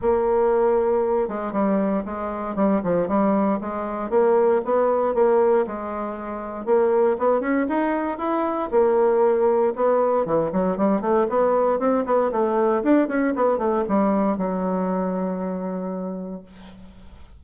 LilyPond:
\new Staff \with { instrumentName = "bassoon" } { \time 4/4 \tempo 4 = 117 ais2~ ais8 gis8 g4 | gis4 g8 f8 g4 gis4 | ais4 b4 ais4 gis4~ | gis4 ais4 b8 cis'8 dis'4 |
e'4 ais2 b4 | e8 fis8 g8 a8 b4 c'8 b8 | a4 d'8 cis'8 b8 a8 g4 | fis1 | }